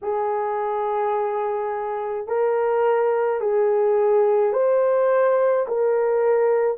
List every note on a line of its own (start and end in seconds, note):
0.02 2.27 G#4
2.27 3.40 A#4
3.40 4.53 G#4
4.53 5.66 C5
5.67 6.77 A#4